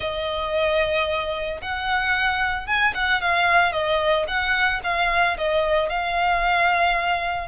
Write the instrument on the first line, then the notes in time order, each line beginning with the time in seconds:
violin
0.00 D#5
1.61 F#5
2.66 G#5
2.94 F#5
3.21 F5
3.72 D#5
4.27 F#5
4.83 F5
5.37 D#5
5.89 F5